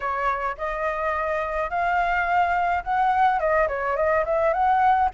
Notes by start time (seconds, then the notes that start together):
0.00 C#5
0.57 D#5
1.70 F5
2.83 F#5
3.39 D#5
3.68 C#5
3.96 D#5
4.25 E5
4.53 F#5